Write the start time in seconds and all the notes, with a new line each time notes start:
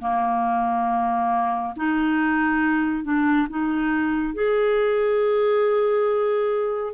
0.00 A#3
1.76 D#4
3.04 D4
3.49 D#4
4.34 G#4